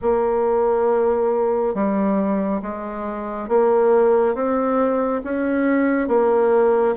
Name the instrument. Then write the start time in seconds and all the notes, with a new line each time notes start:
bassoon
0.01 A#3
1.74 G3
2.61 G#3
3.48 A#3
4.34 C4
5.24 C#4
6.08 A#3